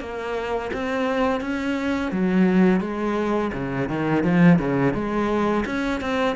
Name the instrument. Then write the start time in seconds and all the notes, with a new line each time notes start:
cello
0.00 A#3
0.73 C4
1.41 C#4
2.11 F#3
2.80 G#3
3.53 C#3
3.89 D#3
4.24 F3
4.59 C#3
4.93 G#3
5.66 C#4
6.01 C4